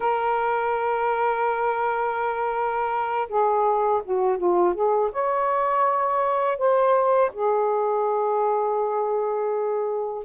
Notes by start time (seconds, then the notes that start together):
0.00 A#4
3.29 G#4
4.04 F#4
4.37 F4
4.74 G#4
5.12 C#5
6.58 C5
7.33 G#4